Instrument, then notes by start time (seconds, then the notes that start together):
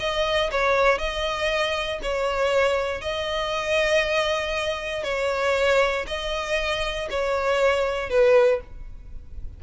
violin
0.00 D#5
0.52 C#5
0.99 D#5
2.03 C#5
3.02 D#5
5.04 C#5
6.07 D#5
7.10 C#5
8.10 B4